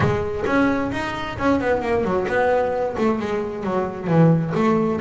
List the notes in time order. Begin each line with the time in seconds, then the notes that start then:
0.00 G#3
0.45 C#4
0.92 D#4
1.38 C#4
1.60 B3
1.82 A#3
2.04 F#3
2.27 B3
2.97 A3
3.19 G#3
3.63 F#3
4.07 E3
4.55 A3